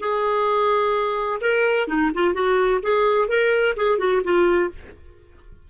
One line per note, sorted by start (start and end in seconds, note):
0.00 1.40 G#4
1.41 1.88 A#4
1.88 2.11 D#4
2.14 2.34 F4
2.34 2.81 F#4
2.82 3.28 G#4
3.28 3.75 A#4
3.77 3.99 G#4
3.99 4.22 F#4
4.24 4.70 F4